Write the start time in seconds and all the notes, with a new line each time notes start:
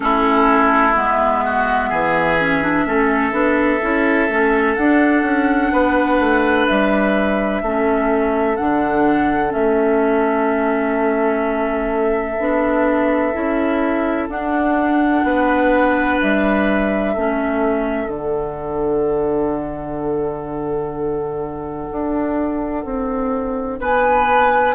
0.00 A3 C#4 E4 A4
0.95 G#3 B3 E5
1.44 F#4
1.89 E3 G#4
2.39 C#4
2.62 D4
2.85 A3 C#4 A4
3.32 B3 D4
3.82 C#4 E4
4.29 A3 C#4
4.75 D4 F#5
5.22 C#4
5.72 B3 B4
6.19 A3
6.66 G3 E5
7.62 A3 C#4 A4
8.56 D3 D4 F#5
9.49 A3 C#4 E5
12.39 B3 D4
13.33 C#4 E4
14.28 D4 F#5
15.23 B3 B4
16.21 G3 E5
17.13 A3 C#4 A4
18.06 D3 D4 F#5
21.91 D4
22.84 C4
23.79 B3 B4 G#5